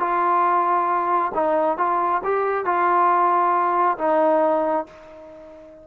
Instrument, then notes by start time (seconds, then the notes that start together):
trombone
0.00 F4
1.35 D#4
1.78 F4
2.24 G4
2.66 F4
3.98 D#4